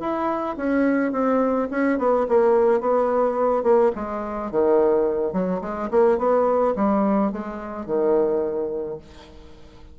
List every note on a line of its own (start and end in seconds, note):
0.00 0.56 E4
0.57 1.12 C#4
1.12 1.68 C4
1.71 1.98 C#4
1.98 2.26 B3
2.29 2.80 A#3
2.80 3.63 B3
3.63 3.91 A#3
3.95 4.51 G#3
4.51 5.33 D#3
5.33 5.61 F#3
5.61 5.89 G#3
5.91 6.18 A#3
6.18 6.74 B3
6.76 7.32 G3
7.32 7.86 G#3
7.86 8.98 D#3